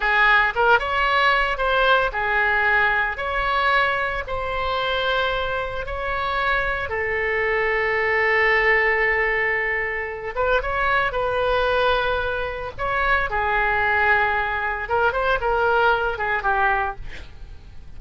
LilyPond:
\new Staff \with { instrumentName = "oboe" } { \time 4/4 \tempo 4 = 113 gis'4 ais'8 cis''4. c''4 | gis'2 cis''2 | c''2. cis''4~ | cis''4 a'2.~ |
a'2.~ a'8 b'8 | cis''4 b'2. | cis''4 gis'2. | ais'8 c''8 ais'4. gis'8 g'4 | }